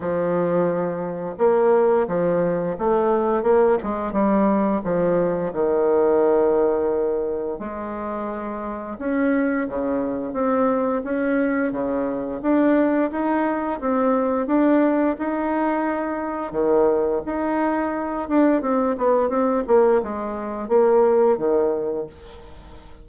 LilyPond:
\new Staff \with { instrumentName = "bassoon" } { \time 4/4 \tempo 4 = 87 f2 ais4 f4 | a4 ais8 gis8 g4 f4 | dis2. gis4~ | gis4 cis'4 cis4 c'4 |
cis'4 cis4 d'4 dis'4 | c'4 d'4 dis'2 | dis4 dis'4. d'8 c'8 b8 | c'8 ais8 gis4 ais4 dis4 | }